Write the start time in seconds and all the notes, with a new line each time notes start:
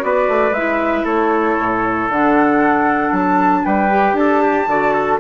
0.00 B3 F#4 B4 D5
0.28 A3
0.51 G#3 E4 E5
1.05 A3 A4 C#5
1.59 A2
2.09 D3 D4 F#5
3.12 F#3 A5
3.65 G3 B4 G5
3.90 G4
4.13 D4 A5
4.19 A4
4.43 G4
4.67 D3 F#4 D5
4.94 A4